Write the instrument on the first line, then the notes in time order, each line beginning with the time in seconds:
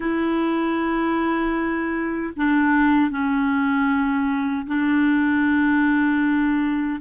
clarinet
0.00 E4
2.36 D4
3.10 C#4
4.66 D4